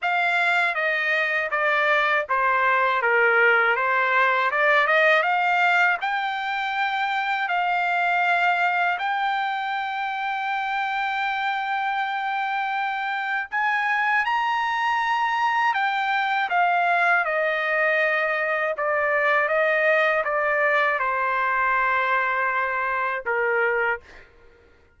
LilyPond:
\new Staff \with { instrumentName = "trumpet" } { \time 4/4 \tempo 4 = 80 f''4 dis''4 d''4 c''4 | ais'4 c''4 d''8 dis''8 f''4 | g''2 f''2 | g''1~ |
g''2 gis''4 ais''4~ | ais''4 g''4 f''4 dis''4~ | dis''4 d''4 dis''4 d''4 | c''2. ais'4 | }